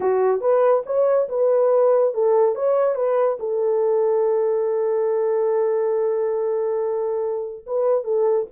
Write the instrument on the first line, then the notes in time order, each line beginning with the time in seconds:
horn
0.00 F#4
0.40 B4
0.85 C#5
1.28 B4
2.14 A4
2.55 C#5
2.95 B4
3.39 A4
7.66 B4
8.04 A4